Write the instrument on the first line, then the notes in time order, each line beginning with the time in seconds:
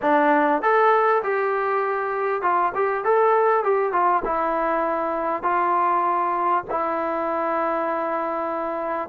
trombone
0.02 D4
0.61 A4
1.23 G4
2.42 F4
2.74 G4
3.04 A4
3.63 G4
3.92 F4
4.24 E4
5.42 F4
6.70 E4